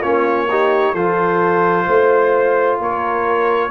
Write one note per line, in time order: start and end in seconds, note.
0.00 0.93 A#3
0.00 0.49 C#4
0.00 0.46 F4
0.00 0.94 C#5
0.49 0.96 D#4
0.49 0.93 G4
0.93 1.86 F3
0.93 3.70 F4
0.93 1.85 A4
0.93 2.79 C5
1.86 2.79 A3
1.86 2.79 C5
2.79 3.70 A#3
2.79 3.70 A#4
2.79 3.70 C#5